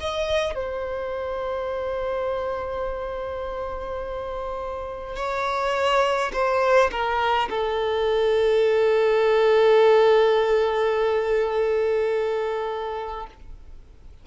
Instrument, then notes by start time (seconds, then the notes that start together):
violin
0.00 D#5
0.55 C5
5.16 C#5
6.33 C5
6.91 A#4
7.50 A4